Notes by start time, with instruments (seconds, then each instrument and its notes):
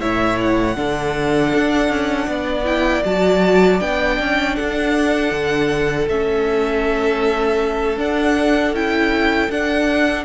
0.00 cello A2, viola E4, violin C#5 E5
0.41 violin F#5
0.75 cello D3, viola D4, violin A4
1.55 cello D4
1.89 cello C#4
2.27 cello B3, violin D5
2.64 viola E4, violin G5
3.05 cello F#3, viola F#4, violin A5
3.79 cello B3, viola D4, violin G5
4.19 cello C#4
4.54 cello D4, violin A4 F#5
5.31 cello D3
6.07 cello A3, viola C#4, violin E5
7.97 cello D4, viola D4, violin F#5
8.72 cello C#4, viola E4, violin G5
9.50 cello D4, viola D4, violin F#5